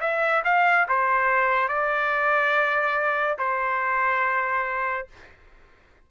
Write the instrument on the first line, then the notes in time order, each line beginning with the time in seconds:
trumpet
0.00 E5
0.44 F5
0.88 C5
1.68 D5
3.38 C5